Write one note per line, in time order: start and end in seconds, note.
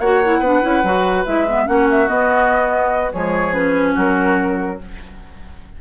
0.00 0.40 A#3
0.00 0.24 F#4
0.00 0.40 C#5
0.00 1.25 F#5
0.24 0.45 E4
0.40 0.61 B3
0.40 0.62 D4
0.40 1.65 B4
0.62 0.84 C#4
0.62 0.83 E4
0.84 1.25 F#3
0.84 1.26 F#4
1.26 1.68 G#3
1.26 1.47 E4
1.26 1.68 E5
1.48 1.66 B3
1.66 2.09 A#3
1.66 2.08 C#4
1.66 3.14 F#4
1.66 1.89 F#5
1.91 2.08 E5
2.08 3.12 B3
2.08 3.14 B3
2.08 3.13 D#5
3.13 3.97 F3
3.13 3.54 G#3
3.13 3.95 G#4
3.13 3.54 C#5
3.54 4.79 C#4
3.54 3.95 B4
3.95 4.80 F#3
3.95 4.78 F#4
3.95 4.82 A#4